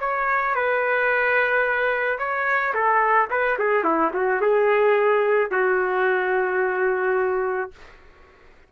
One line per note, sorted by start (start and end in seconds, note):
0.00 0.55 C#5
0.56 2.19 B4
2.19 2.74 C#5
2.74 3.30 A4
3.31 3.58 B4
3.59 3.84 G#4
3.84 4.12 E4
4.14 4.41 F#4
4.41 5.51 G#4
5.51 7.71 F#4